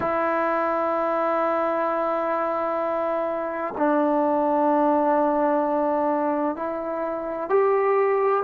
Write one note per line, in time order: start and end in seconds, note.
0.00 3.74 E4
3.77 6.55 D4
6.55 7.49 E4
7.49 8.43 G4